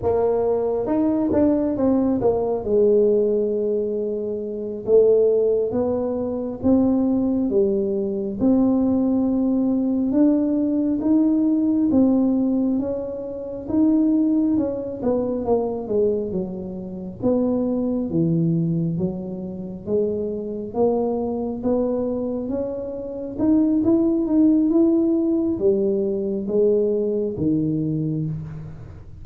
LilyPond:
\new Staff \with { instrumentName = "tuba" } { \time 4/4 \tempo 4 = 68 ais4 dis'8 d'8 c'8 ais8 gis4~ | gis4. a4 b4 c'8~ | c'8 g4 c'2 d'8~ | d'8 dis'4 c'4 cis'4 dis'8~ |
dis'8 cis'8 b8 ais8 gis8 fis4 b8~ | b8 e4 fis4 gis4 ais8~ | ais8 b4 cis'4 dis'8 e'8 dis'8 | e'4 g4 gis4 dis4 | }